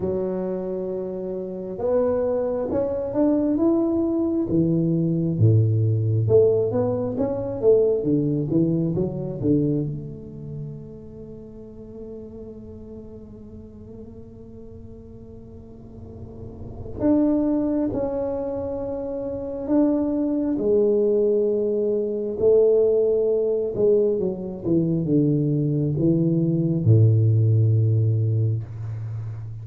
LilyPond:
\new Staff \with { instrumentName = "tuba" } { \time 4/4 \tempo 4 = 67 fis2 b4 cis'8 d'8 | e'4 e4 a,4 a8 b8 | cis'8 a8 d8 e8 fis8 d8 a4~ | a1~ |
a2. d'4 | cis'2 d'4 gis4~ | gis4 a4. gis8 fis8 e8 | d4 e4 a,2 | }